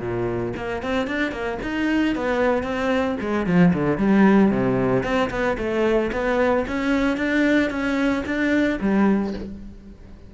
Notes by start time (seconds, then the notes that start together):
0.00 A#2
0.57 A#3
0.83 C4
1.08 D4
1.32 A#3
1.63 D#4
2.16 B3
2.63 C4
3.20 G#3
3.47 F3
3.74 D3
3.98 G3
4.51 C3
5.03 C4
5.30 B3
5.58 A3
6.12 B3
6.68 C#4
7.17 D4
7.70 C#4
8.26 D4
8.81 G3